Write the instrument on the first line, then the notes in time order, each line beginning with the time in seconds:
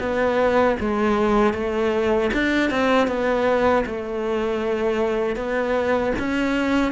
cello
0.00 B3
0.80 G#3
1.54 A3
2.34 D4
2.71 C4
3.08 B3
3.86 A3
5.36 B3
6.19 C#4